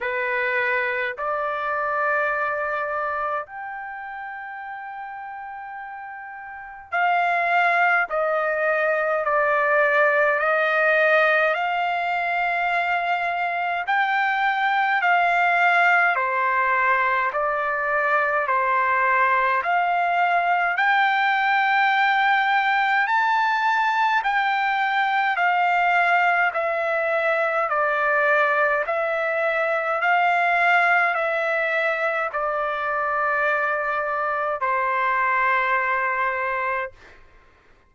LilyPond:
\new Staff \with { instrumentName = "trumpet" } { \time 4/4 \tempo 4 = 52 b'4 d''2 g''4~ | g''2 f''4 dis''4 | d''4 dis''4 f''2 | g''4 f''4 c''4 d''4 |
c''4 f''4 g''2 | a''4 g''4 f''4 e''4 | d''4 e''4 f''4 e''4 | d''2 c''2 | }